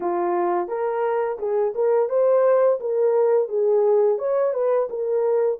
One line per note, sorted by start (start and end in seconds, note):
0.00 0.68 F4
0.68 1.38 A#4
1.38 1.73 G#4
1.74 2.09 A#4
2.09 2.79 C5
2.80 3.48 A#4
3.48 4.18 G#4
4.18 4.53 C#5
4.53 4.88 B4
4.89 5.59 A#4